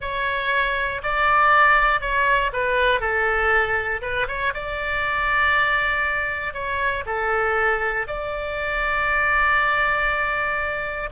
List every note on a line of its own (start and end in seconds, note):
0.00 1.01 C#5
1.02 2.00 D5
2.00 2.51 C#5
2.53 3.00 B4
3.00 4.01 A4
4.01 4.26 B4
4.27 4.53 C#5
4.54 6.53 D5
6.53 7.04 C#5
7.06 8.06 A4
8.07 11.09 D5